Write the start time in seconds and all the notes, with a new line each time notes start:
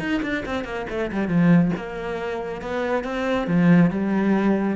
0.00 D#4
0.23 D4
0.46 C4
0.65 A#3
0.90 A3
1.12 G3
1.28 F3
1.77 A#3
2.62 B3
3.04 C4
3.47 F3
3.91 G3